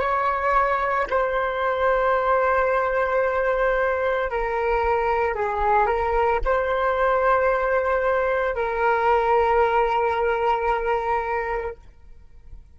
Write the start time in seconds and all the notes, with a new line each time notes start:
0.00 C#5
1.10 C5
4.30 A#4
5.34 G#4
5.86 A#4
6.44 C5
8.55 A#4